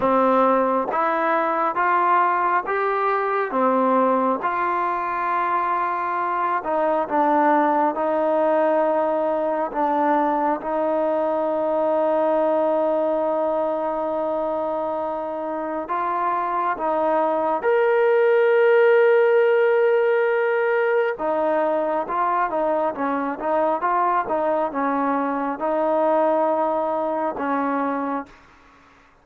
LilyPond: \new Staff \with { instrumentName = "trombone" } { \time 4/4 \tempo 4 = 68 c'4 e'4 f'4 g'4 | c'4 f'2~ f'8 dis'8 | d'4 dis'2 d'4 | dis'1~ |
dis'2 f'4 dis'4 | ais'1 | dis'4 f'8 dis'8 cis'8 dis'8 f'8 dis'8 | cis'4 dis'2 cis'4 | }